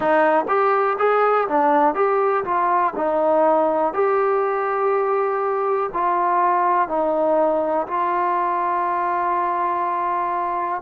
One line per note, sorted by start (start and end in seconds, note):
0.00 0.45 D#4
0.47 0.97 G4
0.98 1.48 G#4
1.48 1.94 D4
1.94 2.44 G4
2.44 2.93 F4
2.96 3.93 D#4
3.93 5.90 G4
5.93 6.88 F4
6.88 7.86 D#4
7.87 10.81 F4